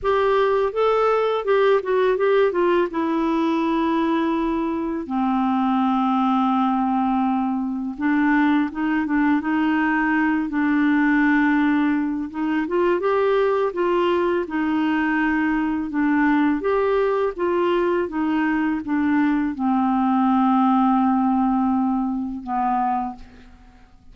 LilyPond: \new Staff \with { instrumentName = "clarinet" } { \time 4/4 \tempo 4 = 83 g'4 a'4 g'8 fis'8 g'8 f'8 | e'2. c'4~ | c'2. d'4 | dis'8 d'8 dis'4. d'4.~ |
d'4 dis'8 f'8 g'4 f'4 | dis'2 d'4 g'4 | f'4 dis'4 d'4 c'4~ | c'2. b4 | }